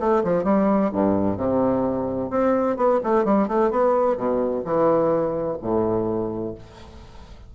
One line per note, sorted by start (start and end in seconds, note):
0.00 0.23 A3
0.24 0.44 F3
0.44 0.90 G3
0.93 1.37 G2
1.37 2.30 C3
2.30 2.77 C4
2.77 3.00 B3
3.04 3.25 A3
3.25 3.48 G3
3.48 3.71 A3
3.71 4.17 B3
4.17 4.63 B2
4.65 5.58 E3
5.62 6.55 A2